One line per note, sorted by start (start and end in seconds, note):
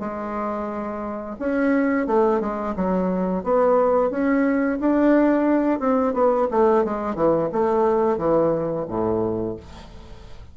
0.00 1.36 G#3
1.39 2.07 C#4
2.07 2.40 A3
2.40 2.75 G#3
2.76 3.44 F#3
3.44 4.11 B3
4.11 4.79 C#4
4.80 5.80 D4
5.80 6.14 C4
6.14 6.48 B3
6.51 6.85 A3
6.85 7.15 G#3
7.15 7.49 E3
7.53 8.18 A3
8.18 8.86 E3
8.88 9.56 A2